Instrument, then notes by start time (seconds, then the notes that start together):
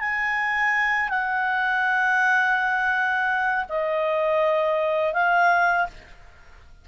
clarinet
0.00 G#5
1.09 F#5
3.69 D#5
5.14 F5